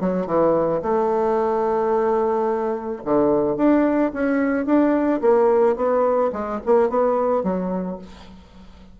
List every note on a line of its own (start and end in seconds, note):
0.00 0.27 F#3
0.27 0.82 E3
0.82 3.02 A3
3.05 3.57 D3
3.57 4.12 D4
4.13 4.65 C#4
4.65 5.20 D4
5.21 5.76 A#3
5.76 6.31 B3
6.33 6.60 G#3
6.66 6.89 A#3
6.89 7.43 B3
7.43 7.98 F#3